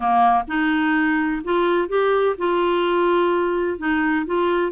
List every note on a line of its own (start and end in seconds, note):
0.00 0.43 A#3
0.47 1.42 D#4
1.44 1.88 F4
1.88 2.35 G4
2.38 3.78 F4
3.78 4.25 D#4
4.26 4.72 F4